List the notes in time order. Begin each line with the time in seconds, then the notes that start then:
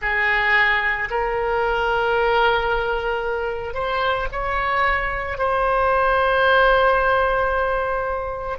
0.01 G#4
1.10 A#4
3.74 C5
4.31 C#5
5.38 C5